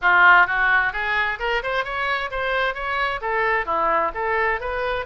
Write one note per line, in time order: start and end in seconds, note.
0.01 0.47 F4
0.47 0.92 F#4
0.92 1.38 G#4
1.39 1.62 A#4
1.62 1.84 C5
1.84 2.30 C#5
2.30 2.74 C5
2.74 3.20 C#5
3.21 3.65 A4
3.65 4.11 E4
4.14 4.60 A4
4.60 5.05 B4